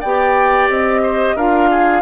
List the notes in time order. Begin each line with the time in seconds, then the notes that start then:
0.00 B3 G4 D5 G5
0.69 C4 D#5
1.03 C5
1.35 D4 F4 A#4 F5
1.70 G#4